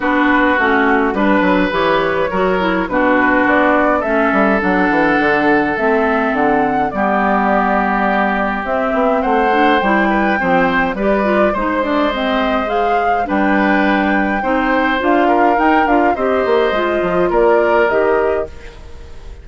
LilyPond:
<<
  \new Staff \with { instrumentName = "flute" } { \time 4/4 \tempo 4 = 104 b'4 fis'4 b'4 cis''4~ | cis''4 b'4 d''4 e''4 | fis''2 e''4 fis''4 | d''2. e''4 |
fis''4 g''2 d''4 | c''8 d''8 dis''4 f''4 g''4~ | g''2 f''4 g''8 f''8 | dis''2 d''4 dis''4 | }
  \new Staff \with { instrumentName = "oboe" } { \time 4/4 fis'2 b'2 | ais'4 fis'2 a'4~ | a'1 | g'1 |
c''4. b'8 c''4 b'4 | c''2. b'4~ | b'4 c''4. ais'4. | c''2 ais'2 | }
  \new Staff \with { instrumentName = "clarinet" } { \time 4/4 d'4 cis'4 d'4 g'4 | fis'8 e'8 d'2 cis'4 | d'2 c'2 | b2. c'4~ |
c'8 d'8 e'4 c'4 g'8 f'8 | dis'8 d'8 c'4 gis'4 d'4~ | d'4 dis'4 f'4 dis'8 f'8 | g'4 f'2 g'4 | }
  \new Staff \with { instrumentName = "bassoon" } { \time 4/4 b4 a4 g8 fis8 e4 | fis4 b,4 b4 a8 g8 | fis8 e8 d4 a4 d4 | g2. c'8 b8 |
a4 g4 f4 g4 | gis2. g4~ | g4 c'4 d'4 dis'8 d'8 | c'8 ais8 gis8 f8 ais4 dis4 | }
>>